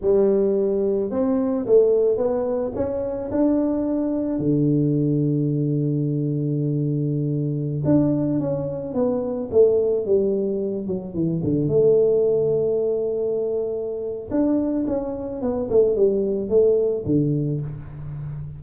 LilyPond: \new Staff \with { instrumentName = "tuba" } { \time 4/4 \tempo 4 = 109 g2 c'4 a4 | b4 cis'4 d'2 | d1~ | d2~ d16 d'4 cis'8.~ |
cis'16 b4 a4 g4. fis16~ | fis16 e8 d8 a2~ a8.~ | a2 d'4 cis'4 | b8 a8 g4 a4 d4 | }